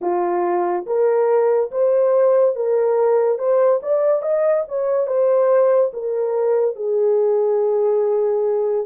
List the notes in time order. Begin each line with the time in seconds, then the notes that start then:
0.01 F4
0.86 A#4
1.71 C5
2.55 A#4
3.38 C5
3.82 D5
4.21 D#5
4.67 C#5
5.06 C5
5.93 A#4
6.75 G#4